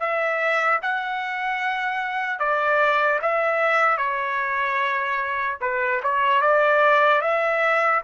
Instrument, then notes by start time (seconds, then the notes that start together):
trumpet
0.00 E5
0.82 F#5
2.40 D5
3.22 E5
3.97 C#5
5.61 B4
6.03 C#5
6.41 D5
7.21 E5